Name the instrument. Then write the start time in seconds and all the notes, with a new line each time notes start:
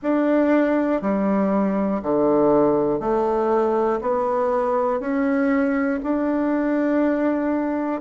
bassoon
0.02 D4
1.01 G3
2.02 D3
3.00 A3
4.00 B3
5.00 C#4
6.03 D4